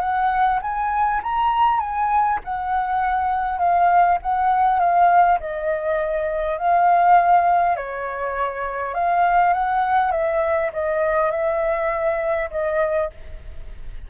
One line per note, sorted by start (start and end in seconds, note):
0.00 0.59 F#5
0.62 1.21 G#5
1.23 1.80 A#5
1.80 2.39 G#5
2.44 3.58 F#5
3.58 4.18 F5
4.22 4.79 F#5
4.79 5.38 F5
5.40 6.58 D#5
6.58 7.76 F5
7.76 8.94 C#5
8.94 9.53 F5
9.53 10.11 F#5
10.11 10.71 E5
10.73 11.31 D#5
11.31 12.50 E5
12.50 13.10 D#5